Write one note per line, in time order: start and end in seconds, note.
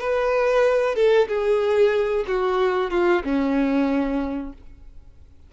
0.00 0.95 B4
0.95 1.28 A4
1.28 2.25 G#4
2.27 2.90 F#4
2.90 3.23 F4
3.24 4.53 C#4